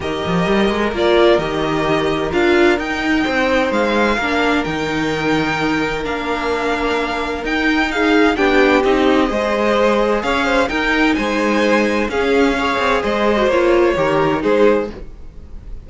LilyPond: <<
  \new Staff \with { instrumentName = "violin" } { \time 4/4 \tempo 4 = 129 dis''2 d''4 dis''4~ | dis''4 f''4 g''2 | f''2 g''2~ | g''4 f''2. |
g''4 f''4 g''4 dis''4~ | dis''2 f''4 g''4 | gis''2 f''2 | dis''4 cis''2 c''4 | }
  \new Staff \with { instrumentName = "violin" } { \time 4/4 ais'1~ | ais'2. c''4~ | c''4 ais'2.~ | ais'1~ |
ais'4 gis'4 g'2 | c''2 cis''8 c''8 ais'4 | c''2 gis'4 cis''4 | c''2 ais'4 gis'4 | }
  \new Staff \with { instrumentName = "viola" } { \time 4/4 g'2 f'4 g'4~ | g'4 f'4 dis'2~ | dis'4 d'4 dis'2~ | dis'4 d'2. |
dis'2 d'4 dis'4 | gis'2. dis'4~ | dis'2 cis'4 gis'4~ | gis'8. fis'16 f'4 g'4 dis'4 | }
  \new Staff \with { instrumentName = "cello" } { \time 4/4 dis8 f8 g8 gis8 ais4 dis4~ | dis4 d'4 dis'4 c'4 | gis4 ais4 dis2~ | dis4 ais2. |
dis'2 b4 c'4 | gis2 cis'4 dis'4 | gis2 cis'4. c'8 | gis4 ais4 dis4 gis4 | }
>>